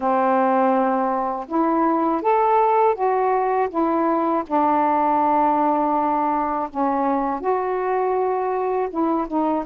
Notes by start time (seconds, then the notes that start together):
0.00 C4
1.47 E4
2.22 A4
2.94 F#4
3.69 E4
4.46 D4
6.70 C#4
7.40 F#4
8.90 E4
9.27 D#4